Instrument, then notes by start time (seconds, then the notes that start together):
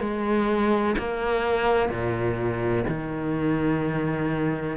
cello
0.00 G#3
0.98 A#3
1.90 A#2
2.88 D#3